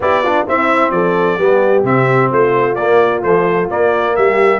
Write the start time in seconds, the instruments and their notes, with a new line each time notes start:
0.00 tuba B3, trombone E4, horn G4, trumpet D5
0.23 trombone D4, horn F4
0.47 trombone C4, tuba C4, horn E4, trumpet E5
0.90 tuba F3, horn A4, trumpet D5
1.38 tuba G3, trombone B3, horn G4
1.83 tuba C3, trombone C4, trumpet E5
2.30 tuba A3, horn F4, trumpet C5
2.75 tuba A#3, trombone A#3, trumpet D5
3.22 trombone F3, tuba A3, trumpet C5
3.69 trombone A#3, tuba A#3, trumpet D5
4.15 tuba G3, horn G4, trumpet E5